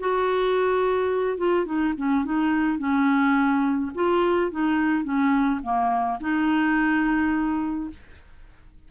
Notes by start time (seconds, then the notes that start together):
0.00 F#4
1.38 F4
1.66 D#4
1.98 C#4
2.25 D#4
2.79 C#4
3.95 F4
4.52 D#4
5.04 C#4
5.63 A#3
6.21 D#4